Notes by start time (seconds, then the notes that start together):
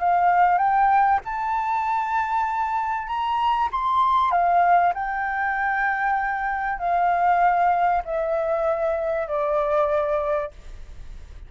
0.00 F5
0.58 G5
1.25 A5
3.07 A#5
3.71 C6
4.31 F5
4.94 G5
6.79 F5
8.05 E5
9.28 D5